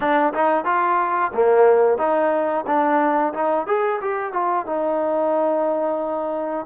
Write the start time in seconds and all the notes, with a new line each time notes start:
0.00 D4
0.33 D#4
0.65 F4
1.33 A#3
1.98 D#4
2.66 D4
3.33 D#4
3.66 G#4
4.01 G4
4.32 F4
4.66 D#4